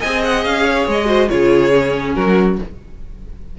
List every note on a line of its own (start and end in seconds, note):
0.00 0.46 C4
0.00 1.06 G#4
0.00 0.64 D#5
0.00 0.22 G#5
0.24 0.45 F#5
0.45 0.87 C#4
0.45 0.87 F5
0.64 1.07 C#5
0.87 1.30 G#3
0.87 1.29 D#5
1.06 1.27 F#4
1.06 1.29 C5
1.29 2.16 C#3
1.29 1.73 F4
1.29 2.16 G#4
1.29 2.14 C#5
1.74 2.59 C#4
2.15 2.59 F#3
2.15 2.58 F#4
2.15 2.57 A#4